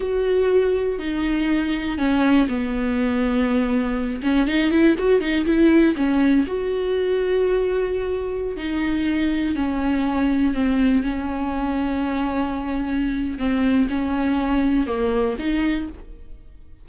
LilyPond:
\new Staff \with { instrumentName = "viola" } { \time 4/4 \tempo 4 = 121 fis'2 dis'2 | cis'4 b2.~ | b8 cis'8 dis'8 e'8 fis'8 dis'8 e'4 | cis'4 fis'2.~ |
fis'4~ fis'16 dis'2 cis'8.~ | cis'4~ cis'16 c'4 cis'4.~ cis'16~ | cis'2. c'4 | cis'2 ais4 dis'4 | }